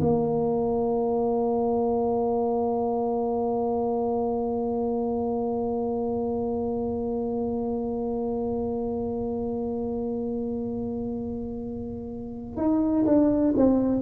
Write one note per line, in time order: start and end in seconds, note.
0.00 12.56 A#3
12.56 13.05 D#4
13.05 13.54 D4
13.56 14.01 C4